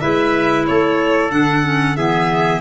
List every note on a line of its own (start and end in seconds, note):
0.00 0.68 G#3
0.00 1.30 E4
0.00 0.67 B4
0.00 0.65 E5
0.66 1.32 A3
0.66 1.97 A4
0.66 1.31 C#5
1.30 1.97 D3
1.30 1.62 D4
1.30 1.96 F#5
1.63 1.95 C#4
1.96 2.61 E3
1.96 2.61 B3
1.96 2.61 G#4
1.96 2.61 E5